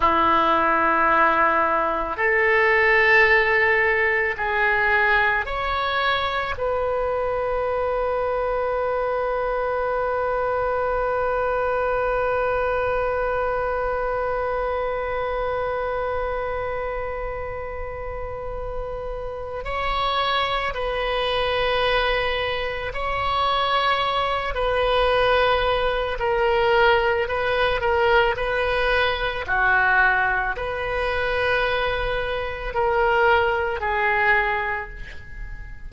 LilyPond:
\new Staff \with { instrumentName = "oboe" } { \time 4/4 \tempo 4 = 55 e'2 a'2 | gis'4 cis''4 b'2~ | b'1~ | b'1~ |
b'2 cis''4 b'4~ | b'4 cis''4. b'4. | ais'4 b'8 ais'8 b'4 fis'4 | b'2 ais'4 gis'4 | }